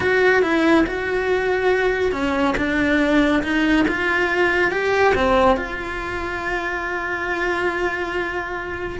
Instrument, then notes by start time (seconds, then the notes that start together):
cello
0.00 F#4
0.42 E4
0.86 F#4
2.12 C#4
2.57 D4
3.43 D#4
3.88 F4
4.71 G4
5.14 C4
5.56 F4